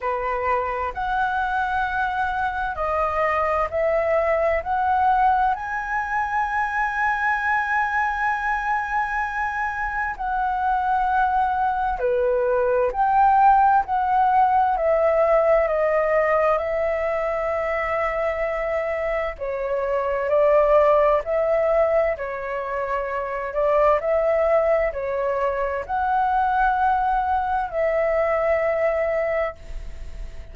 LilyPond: \new Staff \with { instrumentName = "flute" } { \time 4/4 \tempo 4 = 65 b'4 fis''2 dis''4 | e''4 fis''4 gis''2~ | gis''2. fis''4~ | fis''4 b'4 g''4 fis''4 |
e''4 dis''4 e''2~ | e''4 cis''4 d''4 e''4 | cis''4. d''8 e''4 cis''4 | fis''2 e''2 | }